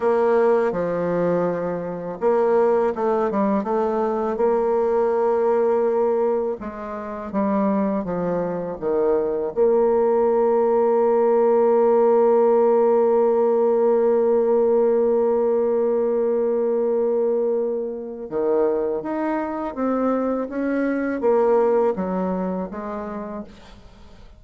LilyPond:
\new Staff \with { instrumentName = "bassoon" } { \time 4/4 \tempo 4 = 82 ais4 f2 ais4 | a8 g8 a4 ais2~ | ais4 gis4 g4 f4 | dis4 ais2.~ |
ais1~ | ais1~ | ais4 dis4 dis'4 c'4 | cis'4 ais4 fis4 gis4 | }